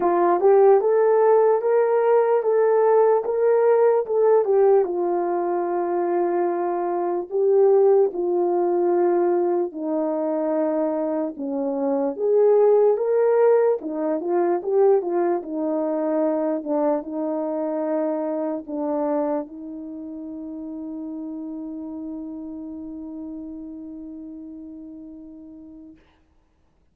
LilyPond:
\new Staff \with { instrumentName = "horn" } { \time 4/4 \tempo 4 = 74 f'8 g'8 a'4 ais'4 a'4 | ais'4 a'8 g'8 f'2~ | f'4 g'4 f'2 | dis'2 cis'4 gis'4 |
ais'4 dis'8 f'8 g'8 f'8 dis'4~ | dis'8 d'8 dis'2 d'4 | dis'1~ | dis'1 | }